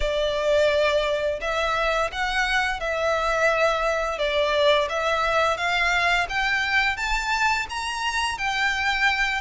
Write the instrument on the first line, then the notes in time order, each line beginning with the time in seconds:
violin
0.00 D5
1.40 E5
2.12 F#5
2.80 E5
4.18 D5
4.89 E5
5.57 F5
6.29 G5
6.96 A5
7.69 A#5
8.38 G5